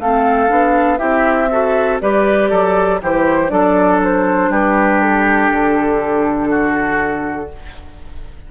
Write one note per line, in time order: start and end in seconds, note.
0.00 0.50 A3
0.00 0.48 C4
0.00 0.99 A4
0.00 0.98 F5
0.48 1.00 B3
0.48 0.98 D4
0.98 2.01 C4
0.98 1.48 E4
0.98 1.49 G4
0.98 1.98 E5
1.51 2.01 F#4
1.51 2.02 A4
2.01 2.51 G3
2.01 3.01 G4
2.01 2.50 B4
2.01 3.01 D5
2.50 3.01 F#3
2.50 3.00 A4
3.02 3.51 E3
3.02 3.48 E4
3.02 3.52 G4
3.02 3.50 C5
3.48 4.49 F#3
3.48 7.48 D4
3.48 4.51 A4
3.48 4.00 D5
4.04 4.52 C5
4.49 5.49 G3
4.49 6.50 G4
4.49 5.01 B4
5.01 7.51 A4
5.51 7.51 D3
6.50 7.50 F#4